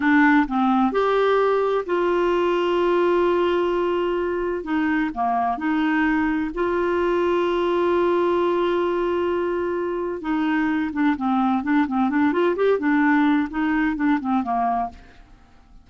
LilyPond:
\new Staff \with { instrumentName = "clarinet" } { \time 4/4 \tempo 4 = 129 d'4 c'4 g'2 | f'1~ | f'2 dis'4 ais4 | dis'2 f'2~ |
f'1~ | f'2 dis'4. d'8 | c'4 d'8 c'8 d'8 f'8 g'8 d'8~ | d'4 dis'4 d'8 c'8 ais4 | }